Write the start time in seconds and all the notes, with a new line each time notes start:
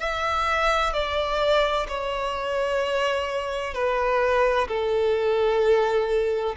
0.00 E5
0.93 D5
1.89 C#5
3.74 B4
4.68 A4